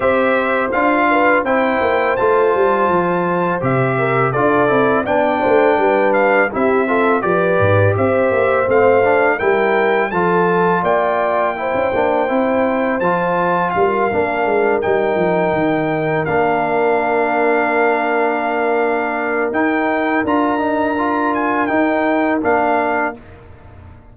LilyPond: <<
  \new Staff \with { instrumentName = "trumpet" } { \time 4/4 \tempo 4 = 83 e''4 f''4 g''4 a''4~ | a''4 e''4 d''4 g''4~ | g''8 f''8 e''4 d''4 e''4 | f''4 g''4 a''4 g''4~ |
g''2 a''4 f''4~ | f''8 g''2 f''4.~ | f''2. g''4 | ais''4. gis''8 g''4 f''4 | }
  \new Staff \with { instrumentName = "horn" } { \time 4/4 c''4. b'8 c''2~ | c''4. ais'8 a'4 d''8 c''8 | b'4 g'8 a'8 b'4 c''4~ | c''4 ais'4 a'4 d''4 |
c''2. ais'4~ | ais'1~ | ais'1~ | ais'1 | }
  \new Staff \with { instrumentName = "trombone" } { \time 4/4 g'4 f'4 e'4 f'4~ | f'4 g'4 f'8 e'8 d'4~ | d'4 e'8 f'8 g'2 | c'8 d'8 e'4 f'2 |
e'8 d'8 e'4 f'4. d'8~ | d'8 dis'2 d'4.~ | d'2. dis'4 | f'8 dis'8 f'4 dis'4 d'4 | }
  \new Staff \with { instrumentName = "tuba" } { \time 4/4 c'4 d'4 c'8 ais8 a8 g8 | f4 c4 d'8 c'8 b8 a8 | g4 c'4 f8 gis,8 c'8 ais8 | a4 g4 f4 ais4~ |
ais16 cis'16 ais8 c'4 f4 g8 ais8 | gis8 g8 f8 dis4 ais4.~ | ais2. dis'4 | d'2 dis'4 ais4 | }
>>